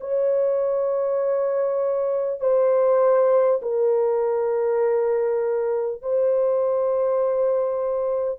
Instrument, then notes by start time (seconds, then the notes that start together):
horn
0.00 C#5
2.40 C5
3.62 A#4
6.02 C5